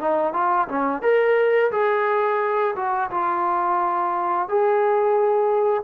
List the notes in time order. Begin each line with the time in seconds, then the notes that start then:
0.00 D#4
0.34 F4
0.68 C#4
1.02 A#4
1.72 G#4
2.76 F#4
3.11 F4
4.49 G#4